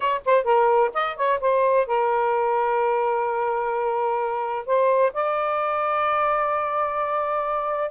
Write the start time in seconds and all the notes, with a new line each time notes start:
0.00 C#5
0.25 C5
0.44 A#4
0.94 D#5
1.16 C#5
1.40 C5
1.86 A#4
4.66 C5
5.13 D5